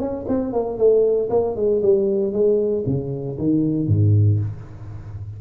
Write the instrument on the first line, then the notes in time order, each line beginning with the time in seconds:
tuba
0.00 C#4
0.29 C4
0.53 A#3
0.78 A3
1.30 A#3
1.57 G#3
1.82 G3
2.33 G#3
2.87 C#3
3.39 D#3
3.88 G#2